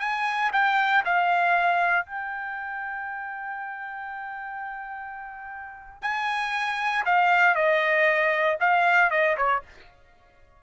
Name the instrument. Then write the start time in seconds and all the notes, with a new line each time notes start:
trumpet
0.00 G#5
0.53 G5
1.05 F5
2.06 G5
6.02 G#5
7.06 F5
7.55 D#5
8.61 F5
9.11 D#5
9.37 C#5